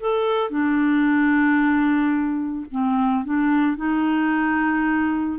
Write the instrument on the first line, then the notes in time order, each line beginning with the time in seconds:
clarinet
0.00 A4
0.50 D4
2.71 C4
3.25 D4
3.77 D#4